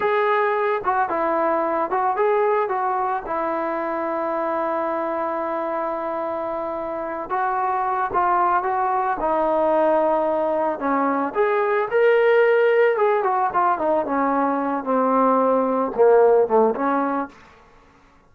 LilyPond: \new Staff \with { instrumentName = "trombone" } { \time 4/4 \tempo 4 = 111 gis'4. fis'8 e'4. fis'8 | gis'4 fis'4 e'2~ | e'1~ | e'4. fis'4. f'4 |
fis'4 dis'2. | cis'4 gis'4 ais'2 | gis'8 fis'8 f'8 dis'8 cis'4. c'8~ | c'4. ais4 a8 cis'4 | }